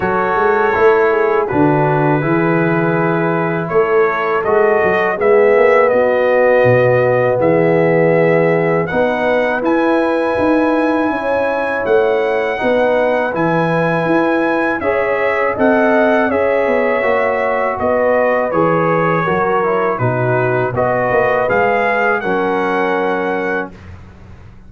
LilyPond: <<
  \new Staff \with { instrumentName = "trumpet" } { \time 4/4 \tempo 4 = 81 cis''2 b'2~ | b'4 cis''4 dis''4 e''4 | dis''2 e''2 | fis''4 gis''2. |
fis''2 gis''2 | e''4 fis''4 e''2 | dis''4 cis''2 b'4 | dis''4 f''4 fis''2 | }
  \new Staff \with { instrumentName = "horn" } { \time 4/4 a'4. gis'8 fis'4 gis'4~ | gis'4 a'2 gis'4 | fis'2 gis'2 | b'2. cis''4~ |
cis''4 b'2. | cis''4 dis''4 cis''2 | b'2 ais'4 fis'4 | b'2 ais'2 | }
  \new Staff \with { instrumentName = "trombone" } { \time 4/4 fis'4 e'4 d'4 e'4~ | e'2 fis'4 b4~ | b1 | dis'4 e'2.~ |
e'4 dis'4 e'2 | gis'4 a'4 gis'4 fis'4~ | fis'4 gis'4 fis'8 e'8 dis'4 | fis'4 gis'4 cis'2 | }
  \new Staff \with { instrumentName = "tuba" } { \time 4/4 fis8 gis8 a4 d4 e4~ | e4 a4 gis8 fis8 gis8 ais8 | b4 b,4 e2 | b4 e'4 dis'4 cis'4 |
a4 b4 e4 e'4 | cis'4 c'4 cis'8 b8 ais4 | b4 e4 fis4 b,4 | b8 ais8 gis4 fis2 | }
>>